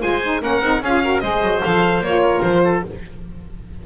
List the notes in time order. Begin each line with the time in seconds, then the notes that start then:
0.00 G#3 F4 C5 G#5
0.23 D#4
0.41 A#3 C#4 A#4 F#5
0.61 C4 D#4
0.82 C#4 F4 G#4 F5
1.03 F#4 A#4
1.20 G#3 G#4 C5 D#5
1.42 F#3
1.64 F3 A4 F5
2.01 A#3 F4 C#5
2.22 A#4
2.42 F3 C5
2.64 A4